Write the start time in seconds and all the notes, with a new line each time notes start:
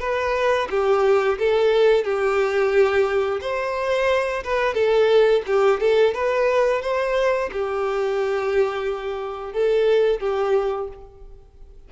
0.00 B4
0.70 G4
1.39 A4
2.04 G4
3.41 C5
4.43 B4
4.74 A4
5.47 G4
5.80 A4
6.14 B4
6.82 C5
7.52 G4
9.53 A4
10.20 G4